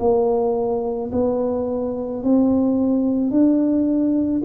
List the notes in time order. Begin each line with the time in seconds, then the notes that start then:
0.00 A#3
1.12 B3
2.23 C4
3.31 D4